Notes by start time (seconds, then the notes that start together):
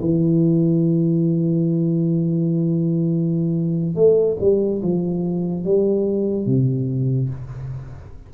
0.00 E3
3.95 A3
4.40 G3
4.81 F3
5.64 G3
6.45 C3